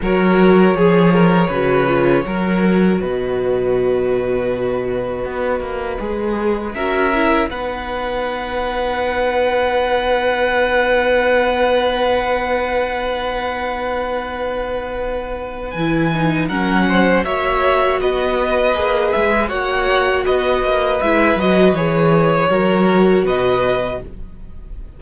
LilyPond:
<<
  \new Staff \with { instrumentName = "violin" } { \time 4/4 \tempo 4 = 80 cis''1 | dis''1~ | dis''4 e''4 fis''2~ | fis''1~ |
fis''1~ | fis''4 gis''4 fis''4 e''4 | dis''4. e''8 fis''4 dis''4 | e''8 dis''8 cis''2 dis''4 | }
  \new Staff \with { instrumentName = "violin" } { \time 4/4 ais'4 gis'8 ais'8 b'4 ais'4 | b'1~ | b'4 ais'4 b'2~ | b'1~ |
b'1~ | b'2 ais'8 c''8 cis''4 | b'2 cis''4 b'4~ | b'2 ais'4 b'4 | }
  \new Staff \with { instrumentName = "viola" } { \time 4/4 fis'4 gis'4 fis'8 f'8 fis'4~ | fis'1 | gis'4 fis'8 e'8 dis'2~ | dis'1~ |
dis'1~ | dis'4 e'8 dis'8 cis'4 fis'4~ | fis'4 gis'4 fis'2 | e'8 fis'8 gis'4 fis'2 | }
  \new Staff \with { instrumentName = "cello" } { \time 4/4 fis4 f4 cis4 fis4 | b,2. b8 ais8 | gis4 cis'4 b2~ | b1~ |
b1~ | b4 e4 fis4 ais4 | b4 ais8 gis8 ais4 b8 ais8 | gis8 fis8 e4 fis4 b,4 | }
>>